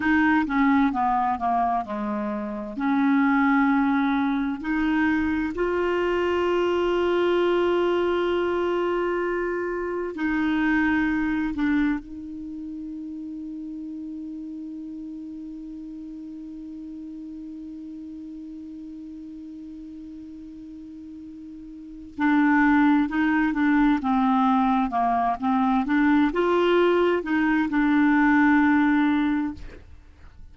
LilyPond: \new Staff \with { instrumentName = "clarinet" } { \time 4/4 \tempo 4 = 65 dis'8 cis'8 b8 ais8 gis4 cis'4~ | cis'4 dis'4 f'2~ | f'2. dis'4~ | dis'8 d'8 dis'2.~ |
dis'1~ | dis'1 | d'4 dis'8 d'8 c'4 ais8 c'8 | d'8 f'4 dis'8 d'2 | }